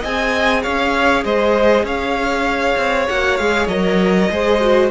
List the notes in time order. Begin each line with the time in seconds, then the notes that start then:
0.00 C4 G#4 D#5 G#5
0.63 C#4 C#5 F5
1.25 G#3 C5 D#5
1.83 C#4 C#5 F5
2.77 C4
3.08 A#3 F#4 F#5
3.37 G#3 G#4 F5
3.67 F#3 A#4 D#5
4.30 G#3 G#4 C5
4.61 F#4